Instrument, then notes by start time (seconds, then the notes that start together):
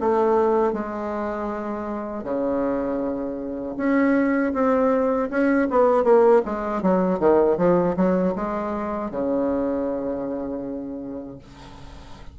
bassoon
0.00 A3
0.73 G#3
2.23 C#3
3.77 C#4
4.53 C4
5.30 C#4
5.70 B3
6.04 A#3
6.45 G#3
6.82 F#3
7.19 D#3
7.57 F3
7.96 F#3
8.35 G#3
9.11 C#3